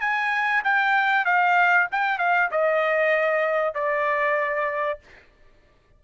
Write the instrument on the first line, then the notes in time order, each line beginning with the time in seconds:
trumpet
0.00 G#5
0.64 G5
1.25 F5
1.91 G5
2.18 F5
2.51 D#5
3.74 D5